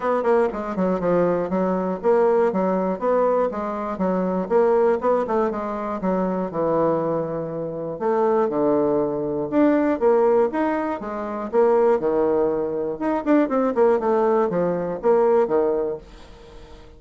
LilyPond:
\new Staff \with { instrumentName = "bassoon" } { \time 4/4 \tempo 4 = 120 b8 ais8 gis8 fis8 f4 fis4 | ais4 fis4 b4 gis4 | fis4 ais4 b8 a8 gis4 | fis4 e2. |
a4 d2 d'4 | ais4 dis'4 gis4 ais4 | dis2 dis'8 d'8 c'8 ais8 | a4 f4 ais4 dis4 | }